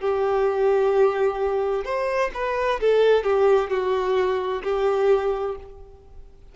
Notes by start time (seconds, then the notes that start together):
0.00 G4
1.84 C5
2.33 B4
2.80 A4
3.23 G4
3.70 F#4
4.63 G4